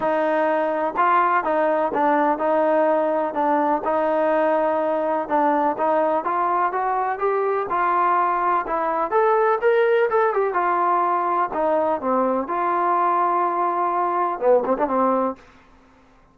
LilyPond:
\new Staff \with { instrumentName = "trombone" } { \time 4/4 \tempo 4 = 125 dis'2 f'4 dis'4 | d'4 dis'2 d'4 | dis'2. d'4 | dis'4 f'4 fis'4 g'4 |
f'2 e'4 a'4 | ais'4 a'8 g'8 f'2 | dis'4 c'4 f'2~ | f'2 b8 c'16 d'16 c'4 | }